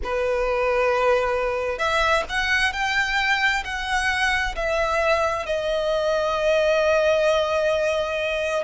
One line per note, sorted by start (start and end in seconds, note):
0.03 1.78 B4
1.78 2.23 E5
2.29 2.72 F#5
2.72 3.63 G5
3.64 4.55 F#5
4.55 5.45 E5
5.45 8.63 D#5